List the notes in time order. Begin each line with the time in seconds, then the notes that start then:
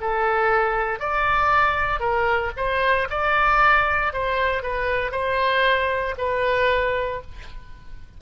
0.00 A4
0.99 D5
1.99 A#4
2.56 C5
3.09 D5
4.13 C5
4.62 B4
5.11 C5
6.17 B4